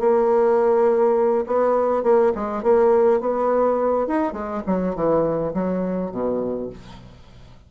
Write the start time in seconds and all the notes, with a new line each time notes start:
0.00 A#3
1.47 B3
2.04 A#3
2.35 G#3
2.63 A#3
3.21 B3
4.07 D#4
4.33 G#3
4.67 F#3
4.95 E3
5.54 F#3
6.11 B2